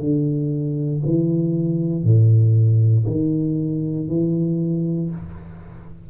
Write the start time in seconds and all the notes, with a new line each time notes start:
0.00 D3
1.05 E3
2.04 A2
3.07 D#3
4.09 E3